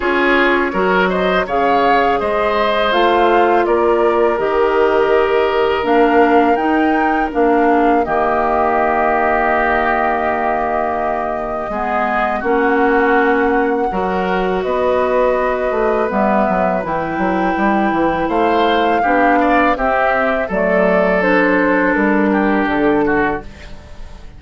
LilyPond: <<
  \new Staff \with { instrumentName = "flute" } { \time 4/4 \tempo 4 = 82 cis''4. dis''8 f''4 dis''4 | f''4 d''4 dis''2 | f''4 g''4 f''4 dis''4~ | dis''1~ |
dis''4 fis''2. | dis''2 e''4 g''4~ | g''4 f''2 e''4 | d''4 c''4 ais'4 a'4 | }
  \new Staff \with { instrumentName = "oboe" } { \time 4/4 gis'4 ais'8 c''8 cis''4 c''4~ | c''4 ais'2.~ | ais'2~ ais'8 gis'8 g'4~ | g'1 |
gis'4 fis'2 ais'4 | b'1~ | b'4 c''4 g'8 d''8 g'4 | a'2~ a'8 g'4 fis'8 | }
  \new Staff \with { instrumentName = "clarinet" } { \time 4/4 f'4 fis'4 gis'2 | f'2 g'2 | d'4 dis'4 d'4 ais4~ | ais1 |
b4 cis'2 fis'4~ | fis'2 b4 e'4~ | e'2 d'4 c'4 | a4 d'2. | }
  \new Staff \with { instrumentName = "bassoon" } { \time 4/4 cis'4 fis4 cis4 gis4 | a4 ais4 dis2 | ais4 dis'4 ais4 dis4~ | dis1 |
gis4 ais2 fis4 | b4. a8 g8 fis8 e8 fis8 | g8 e8 a4 b4 c'4 | fis2 g4 d4 | }
>>